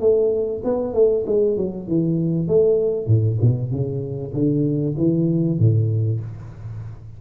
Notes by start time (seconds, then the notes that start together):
0.00 A3
0.64 B3
0.94 A3
1.26 G#3
1.57 F#3
1.88 E3
2.48 A3
3.07 A2
3.41 B2
3.71 C#3
4.34 D3
4.97 E3
5.59 A2